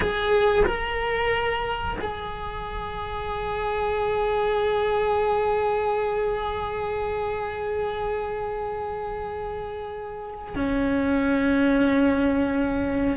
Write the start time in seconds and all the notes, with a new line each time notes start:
0.00 G#4
0.65 A#4
2.00 G#4
10.55 C#4